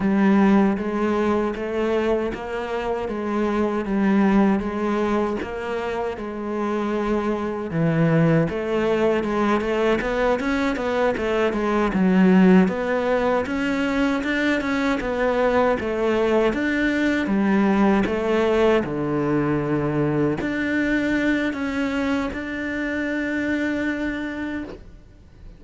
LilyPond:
\new Staff \with { instrumentName = "cello" } { \time 4/4 \tempo 4 = 78 g4 gis4 a4 ais4 | gis4 g4 gis4 ais4 | gis2 e4 a4 | gis8 a8 b8 cis'8 b8 a8 gis8 fis8~ |
fis8 b4 cis'4 d'8 cis'8 b8~ | b8 a4 d'4 g4 a8~ | a8 d2 d'4. | cis'4 d'2. | }